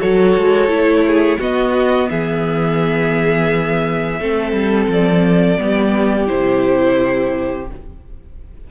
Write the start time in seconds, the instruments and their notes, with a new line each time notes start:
0.00 cello F#3, viola F#4, violin A4 C#5
0.38 cello G#3
0.68 cello A3, viola E4
1.07 violin G#4
1.40 cello B3, viola B3, violin F#4 D#5
2.10 cello E3, violin G#4 E5
4.20 cello A3, viola C4, violin A4
4.53 cello G3
4.88 cello F3, violin D5
5.59 cello G3, viola B3, violin G4
6.27 cello C3, viola E4, violin C5